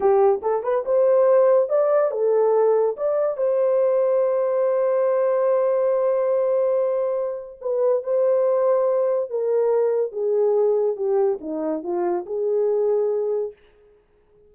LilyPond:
\new Staff \with { instrumentName = "horn" } { \time 4/4 \tempo 4 = 142 g'4 a'8 b'8 c''2 | d''4 a'2 d''4 | c''1~ | c''1~ |
c''2 b'4 c''4~ | c''2 ais'2 | gis'2 g'4 dis'4 | f'4 gis'2. | }